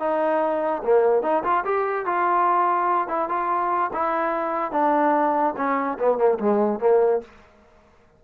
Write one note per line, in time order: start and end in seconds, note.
0.00 0.83 D#4
0.84 1.23 A#3
1.23 1.44 D#4
1.44 1.64 F4
1.65 2.06 G4
2.06 3.08 F4
3.08 3.29 E4
3.29 3.91 F4
3.94 4.72 E4
4.72 5.55 D4
5.57 5.98 C#4
6.00 6.18 B3
6.18 6.39 A#3
6.39 6.80 G#3
6.80 7.21 A#3